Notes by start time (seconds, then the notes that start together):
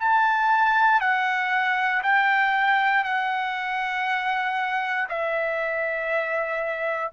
0.00 A5
1.01 F#5
2.03 G5
3.05 F#5
5.09 E5